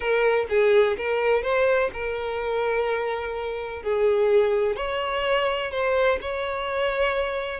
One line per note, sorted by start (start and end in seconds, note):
0.00 0.46 A#4
0.49 0.97 G#4
0.97 1.43 A#4
1.43 1.90 C5
1.93 3.82 A#4
3.82 4.76 G#4
4.76 5.71 C#5
5.71 6.18 C5
6.21 7.60 C#5